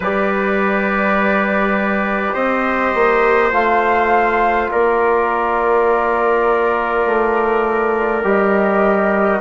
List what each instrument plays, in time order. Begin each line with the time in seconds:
0.00 bassoon G3, trombone G4, trumpet B4, flute D5
2.34 bassoon C4, trumpet C5, flute D#5
2.94 bassoon A#3
3.50 bassoon A3, trombone F4, flute F5
4.71 bassoon A#3, trumpet A#4, flute D5
7.05 bassoon A3
8.23 bassoon G3, trombone G4, flute D#5